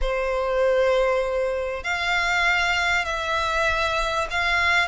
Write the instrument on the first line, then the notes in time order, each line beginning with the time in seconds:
violin
0.01 C5
1.83 F5
3.05 E5
4.30 F5